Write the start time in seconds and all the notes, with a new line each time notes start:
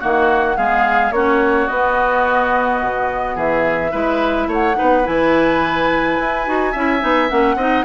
0.00 D#3 A#3 F#4 F#5
0.57 G#3 B3 G#4 F5
1.12 A#3 C#4 F#4 C#5
1.68 B3 D#5
2.82 B2
3.36 E3 G#4 E5
3.92 G#3 E4 B4
4.48 A3 C#5 F#5
4.75 D#4 B4
4.82 B3
5.04 E3 E4 G#5
6.20 E4
6.46 D#4 F#4
6.72 C#4 E4 E5
7.01 B3 D#4
7.30 A#3 C#4 F#5
7.56 C4 D#4 D#5